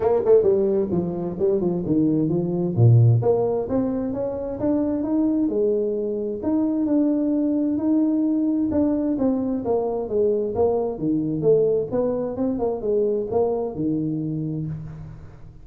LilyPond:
\new Staff \with { instrumentName = "tuba" } { \time 4/4 \tempo 4 = 131 ais8 a8 g4 f4 g8 f8 | dis4 f4 ais,4 ais4 | c'4 cis'4 d'4 dis'4 | gis2 dis'4 d'4~ |
d'4 dis'2 d'4 | c'4 ais4 gis4 ais4 | dis4 a4 b4 c'8 ais8 | gis4 ais4 dis2 | }